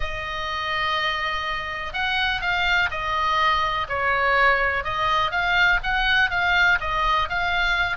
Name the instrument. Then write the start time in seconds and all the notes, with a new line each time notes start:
oboe
0.00 D#5
1.93 F#5
2.41 F5
2.90 D#5
3.88 C#5
4.84 D#5
5.31 F5
5.83 F#5
6.30 F5
6.80 D#5
7.29 F5